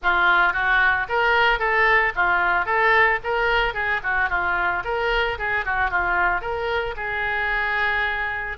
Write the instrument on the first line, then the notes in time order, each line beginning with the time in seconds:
oboe
0.02 F4
0.53 F#4
1.08 A#4
1.59 A4
2.15 F4
2.65 A4
3.23 A#4
3.74 G#4
4.03 F#4
4.29 F4
4.84 A#4
5.38 G#4
5.65 F#4
5.90 F4
6.41 A#4
6.96 G#4